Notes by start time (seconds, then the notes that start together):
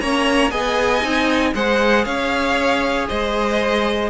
0.00 A#3 C#4 C#5 A#5
0.50 B3 G#4 D#5 G#5
1.02 C4 D#4
1.54 G#3 G#4 C5 F#5
2.05 C#4 C#5 F5
3.07 G#3 C5 D#5